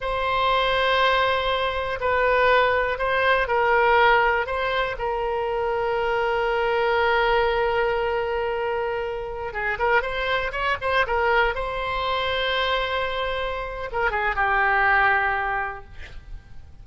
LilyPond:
\new Staff \with { instrumentName = "oboe" } { \time 4/4 \tempo 4 = 121 c''1 | b'2 c''4 ais'4~ | ais'4 c''4 ais'2~ | ais'1~ |
ais'2.~ ais'16 gis'8 ais'16~ | ais'16 c''4 cis''8 c''8 ais'4 c''8.~ | c''1 | ais'8 gis'8 g'2. | }